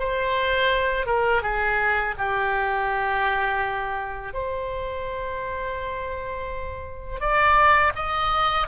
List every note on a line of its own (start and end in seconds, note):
0.00 1.07 C5
1.07 1.43 A#4
1.43 2.15 G#4
2.18 4.34 G4
4.34 7.20 C5
7.20 7.93 D5
7.96 8.68 D#5